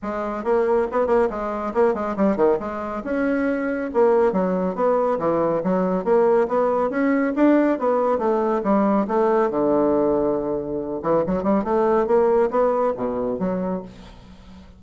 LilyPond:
\new Staff \with { instrumentName = "bassoon" } { \time 4/4 \tempo 4 = 139 gis4 ais4 b8 ais8 gis4 | ais8 gis8 g8 dis8 gis4 cis'4~ | cis'4 ais4 fis4 b4 | e4 fis4 ais4 b4 |
cis'4 d'4 b4 a4 | g4 a4 d2~ | d4. e8 fis8 g8 a4 | ais4 b4 b,4 fis4 | }